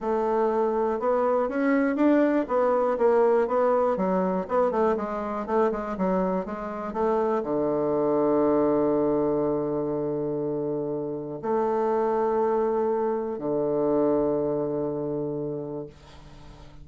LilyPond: \new Staff \with { instrumentName = "bassoon" } { \time 4/4 \tempo 4 = 121 a2 b4 cis'4 | d'4 b4 ais4 b4 | fis4 b8 a8 gis4 a8 gis8 | fis4 gis4 a4 d4~ |
d1~ | d2. a4~ | a2. d4~ | d1 | }